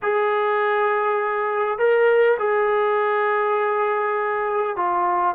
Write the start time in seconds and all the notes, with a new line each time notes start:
0.02 G#4
1.78 A#4
2.38 G#4
4.76 F4